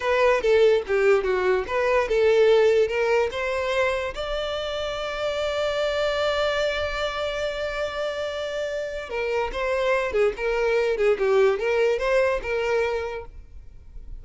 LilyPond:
\new Staff \with { instrumentName = "violin" } { \time 4/4 \tempo 4 = 145 b'4 a'4 g'4 fis'4 | b'4 a'2 ais'4 | c''2 d''2~ | d''1~ |
d''1~ | d''2 ais'4 c''4~ | c''8 gis'8 ais'4. gis'8 g'4 | ais'4 c''4 ais'2 | }